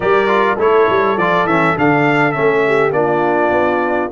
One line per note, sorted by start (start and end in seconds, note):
0.00 0.56 G3
0.00 0.27 G4
0.00 0.55 A#4
0.00 0.59 D5
0.27 0.57 F4
0.55 0.88 A3
0.55 1.17 E4
0.55 2.61 A4
0.55 1.17 C#5
0.88 1.17 G3
1.17 1.44 F3
1.17 1.48 F4
1.17 1.47 D5
1.44 1.74 E3
1.44 1.76 C#4
1.44 1.76 E5
1.76 2.36 D3
1.76 2.33 D4
1.76 2.32 F5
2.32 2.91 A3
2.32 2.92 C#4
2.32 2.90 E5
2.66 2.96 G4
2.91 3.50 A#3
2.91 4.09 D4
2.91 4.11 F4
2.91 4.10 D5
3.50 4.09 B3